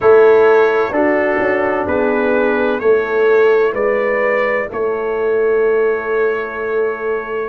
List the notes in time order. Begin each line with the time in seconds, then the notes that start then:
0.00 A3 E4 A4 C#5
0.90 D4 F#4 A4
1.39 C#4
1.86 B3 G#4 B4
2.79 A3 E4 A4 C#5
3.73 G#3 B4 D5
4.70 A3 A4 C#5